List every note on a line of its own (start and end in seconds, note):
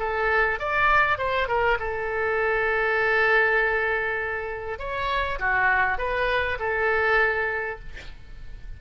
0.00 0.60 A4
0.60 1.19 D5
1.19 1.48 C5
1.48 1.78 A#4
1.80 4.79 A4
4.79 5.39 C#5
5.40 5.98 F#4
5.98 6.58 B4
6.60 7.80 A4